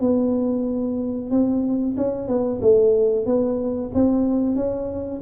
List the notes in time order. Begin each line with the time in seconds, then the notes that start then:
0.00 B3
1.30 C4
1.97 C#4
2.27 B3
2.61 A3
3.25 B3
3.94 C4
4.55 C#4